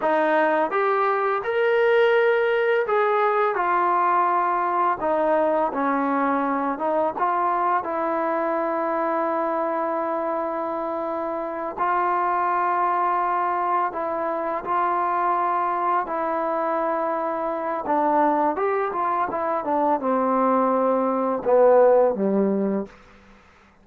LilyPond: \new Staff \with { instrumentName = "trombone" } { \time 4/4 \tempo 4 = 84 dis'4 g'4 ais'2 | gis'4 f'2 dis'4 | cis'4. dis'8 f'4 e'4~ | e'1~ |
e'8 f'2. e'8~ | e'8 f'2 e'4.~ | e'4 d'4 g'8 f'8 e'8 d'8 | c'2 b4 g4 | }